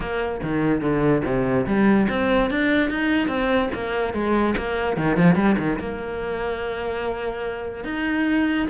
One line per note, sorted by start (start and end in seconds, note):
0.00 0.40 A#3
0.42 0.81 D#3
0.81 1.22 D3
1.24 1.66 C3
1.66 2.07 G3
2.09 2.50 C4
2.50 2.90 D4
2.90 3.27 D#4
3.27 3.69 C4
3.74 4.13 A#3
4.13 4.54 G#3
4.57 4.96 A#3
4.96 5.16 D#3
5.16 5.35 F3
5.35 5.56 G3
5.58 5.78 D#3
5.79 7.84 A#3
7.84 8.67 D#4